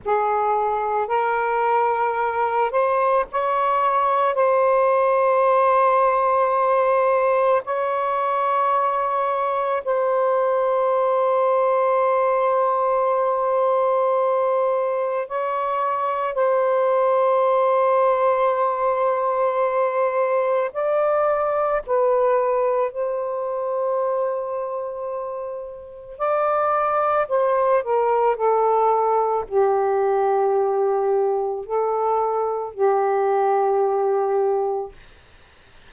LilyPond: \new Staff \with { instrumentName = "saxophone" } { \time 4/4 \tempo 4 = 55 gis'4 ais'4. c''8 cis''4 | c''2. cis''4~ | cis''4 c''2.~ | c''2 cis''4 c''4~ |
c''2. d''4 | b'4 c''2. | d''4 c''8 ais'8 a'4 g'4~ | g'4 a'4 g'2 | }